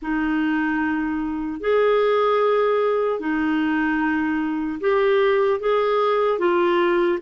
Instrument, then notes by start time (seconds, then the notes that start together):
clarinet
0.01 D#4
1.60 G#4
3.19 D#4
4.80 G4
5.60 G#4
6.39 F4